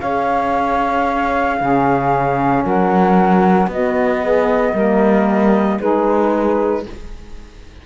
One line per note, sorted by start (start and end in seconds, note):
0.00 1.61 C#4
0.00 1.60 G#4
0.00 1.58 C#5
0.00 2.64 F5
1.59 2.65 C#3
1.59 3.71 C#4
1.59 2.64 G#4
2.64 3.68 F#3
2.64 3.70 A#4
2.64 3.71 F#5
3.68 4.73 B3
3.68 4.77 B3
3.68 4.23 F#4
3.68 5.80 D#5
4.23 4.73 G#4
4.73 5.79 G3
4.73 5.80 A#3
4.73 5.78 A#4
5.78 6.86 G#3
5.78 6.86 D#4
5.78 6.83 G#4
5.78 6.86 B4